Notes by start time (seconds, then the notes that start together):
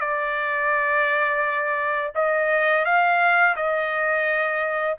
0.00 D5
2.15 D#5
2.85 F5
3.56 D#5